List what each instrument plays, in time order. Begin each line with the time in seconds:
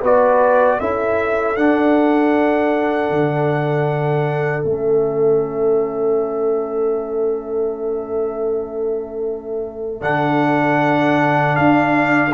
0.00 tuba B3, trombone F#4, horn B4, trumpet D5
0.79 tuba C#4, trombone E4, horn A4, trumpet E5
1.56 tuba D4, trombone D4, trumpet F#5
3.10 tuba D3
4.63 tuba A3, trombone C#4, trumpet E5
10.01 tuba D3, trombone D4, trumpet F#5
11.56 tuba D4, trumpet F5